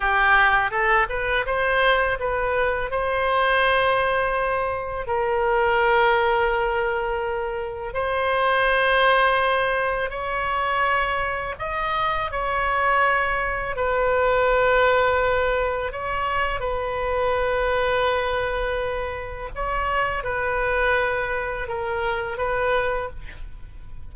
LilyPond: \new Staff \with { instrumentName = "oboe" } { \time 4/4 \tempo 4 = 83 g'4 a'8 b'8 c''4 b'4 | c''2. ais'4~ | ais'2. c''4~ | c''2 cis''2 |
dis''4 cis''2 b'4~ | b'2 cis''4 b'4~ | b'2. cis''4 | b'2 ais'4 b'4 | }